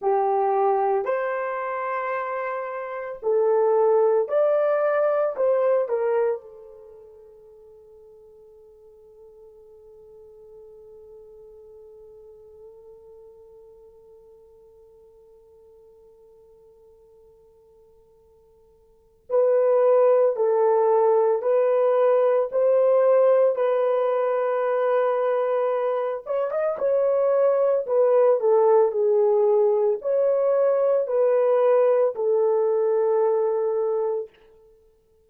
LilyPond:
\new Staff \with { instrumentName = "horn" } { \time 4/4 \tempo 4 = 56 g'4 c''2 a'4 | d''4 c''8 ais'8 a'2~ | a'1~ | a'1~ |
a'2 b'4 a'4 | b'4 c''4 b'2~ | b'8 cis''16 dis''16 cis''4 b'8 a'8 gis'4 | cis''4 b'4 a'2 | }